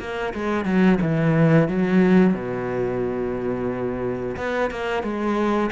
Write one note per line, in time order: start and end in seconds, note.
0.00 0.34 A#3
0.34 0.65 G#3
0.65 0.99 F#3
1.02 1.69 E3
1.69 2.34 F#3
2.34 4.37 B2
4.37 4.71 B3
4.71 5.03 A#3
5.03 5.71 G#3